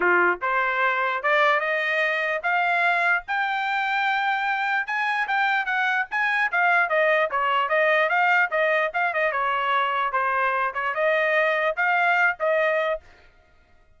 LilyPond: \new Staff \with { instrumentName = "trumpet" } { \time 4/4 \tempo 4 = 148 f'4 c''2 d''4 | dis''2 f''2 | g''1 | gis''4 g''4 fis''4 gis''4 |
f''4 dis''4 cis''4 dis''4 | f''4 dis''4 f''8 dis''8 cis''4~ | cis''4 c''4. cis''8 dis''4~ | dis''4 f''4. dis''4. | }